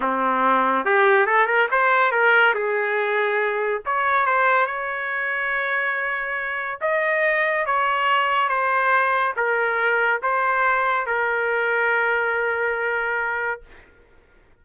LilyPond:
\new Staff \with { instrumentName = "trumpet" } { \time 4/4 \tempo 4 = 141 c'2 g'4 a'8 ais'8 | c''4 ais'4 gis'2~ | gis'4 cis''4 c''4 cis''4~ | cis''1 |
dis''2 cis''2 | c''2 ais'2 | c''2 ais'2~ | ais'1 | }